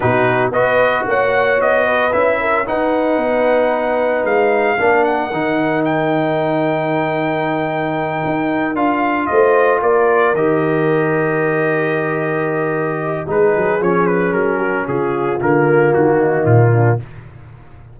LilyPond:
<<
  \new Staff \with { instrumentName = "trumpet" } { \time 4/4 \tempo 4 = 113 b'4 dis''4 fis''4 dis''4 | e''4 fis''2. | f''4. fis''4. g''4~ | g''1~ |
g''8 f''4 dis''4 d''4 dis''8~ | dis''1~ | dis''4 b'4 cis''8 b'8 ais'4 | gis'4 ais'4 fis'4 f'4 | }
  \new Staff \with { instrumentName = "horn" } { \time 4/4 fis'4 b'4 cis''4. b'8~ | b'8 ais'8 b'2.~ | b'4 ais'2.~ | ais'1~ |
ais'4. c''4 ais'4.~ | ais'1~ | ais'4 gis'2~ gis'8 fis'8 | f'2~ f'8 dis'4 d'8 | }
  \new Staff \with { instrumentName = "trombone" } { \time 4/4 dis'4 fis'2. | e'4 dis'2.~ | dis'4 d'4 dis'2~ | dis'1~ |
dis'8 f'2. g'8~ | g'1~ | g'4 dis'4 cis'2~ | cis'4 ais2. | }
  \new Staff \with { instrumentName = "tuba" } { \time 4/4 b,4 b4 ais4 b4 | cis'4 dis'4 b2 | gis4 ais4 dis2~ | dis2.~ dis8 dis'8~ |
dis'8 d'4 a4 ais4 dis8~ | dis1~ | dis4 gis8 fis8 f4 fis4 | cis4 d4 dis4 ais,4 | }
>>